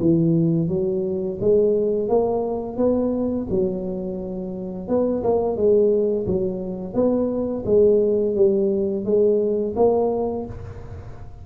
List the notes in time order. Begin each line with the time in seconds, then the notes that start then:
0.00 E3
0.68 F#3
1.41 G#3
2.08 A#3
2.77 B3
3.50 F#3
4.88 B3
5.23 A#3
5.57 G#3
6.27 F#3
6.94 B3
7.66 G#3
8.35 G3
9.05 G#3
9.76 A#3